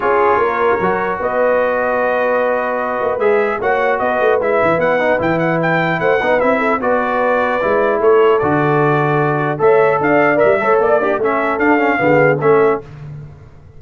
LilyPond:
<<
  \new Staff \with { instrumentName = "trumpet" } { \time 4/4 \tempo 4 = 150 cis''2. dis''4~ | dis''1 | e''4 fis''4 dis''4 e''4 | fis''4 g''8 fis''8 g''4 fis''4 |
e''4 d''2. | cis''4 d''2. | e''4 f''4 e''4 d''4 | e''4 f''2 e''4 | }
  \new Staff \with { instrumentName = "horn" } { \time 4/4 gis'4 ais'2 b'4~ | b'1~ | b'4 cis''4 b'2~ | b'2. c''8 b'8~ |
b'8 a'8 b'2. | a'1 | cis''4 d''4. cis''8 d''8 d'8 | a'2 gis'4 a'4 | }
  \new Staff \with { instrumentName = "trombone" } { \time 4/4 f'2 fis'2~ | fis'1 | gis'4 fis'2 e'4~ | e'8 dis'8 e'2~ e'8 dis'8 |
e'4 fis'2 e'4~ | e'4 fis'2. | a'2 ais'8 a'4 g'8 | cis'4 d'8 cis'8 b4 cis'4 | }
  \new Staff \with { instrumentName = "tuba" } { \time 4/4 cis'4 ais4 fis4 b4~ | b2.~ b8 ais8 | gis4 ais4 b8 a8 gis8 e8 | b4 e2 a8 b8 |
c'4 b2 gis4 | a4 d2. | a4 d'4 g8 a8 ais4 | a4 d'4 d4 a4 | }
>>